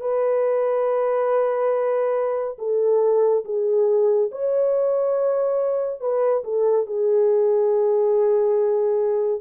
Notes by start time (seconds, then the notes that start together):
0.00 B4
2.58 A4
3.44 G#4
4.31 C#5
6.00 B4
6.44 A4
6.86 G#4